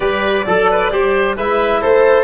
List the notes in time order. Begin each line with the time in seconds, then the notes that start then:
0.00 G3 G4 B4 D5
0.46 F#3 A4
0.70 B4
0.91 G3 G4 C5
1.36 G#3 E4 B4 E5
1.81 A3 A4 C5